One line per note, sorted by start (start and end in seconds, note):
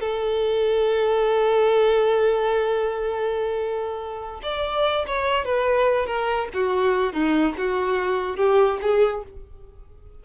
0.00 4.41 A4
4.43 5.06 D5
5.07 5.45 C#5
5.45 6.06 B4
6.06 6.48 A#4
6.54 7.13 F#4
7.13 7.55 D#4
7.57 8.37 F#4
8.37 8.79 G4
8.81 9.23 G#4